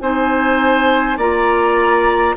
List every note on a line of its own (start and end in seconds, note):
0.00 1.17 C4
0.00 1.20 D#4
0.00 1.18 C5
0.00 1.18 G#5
1.17 2.35 A#3
1.17 2.37 F4
1.17 2.36 D5
1.17 2.37 A#5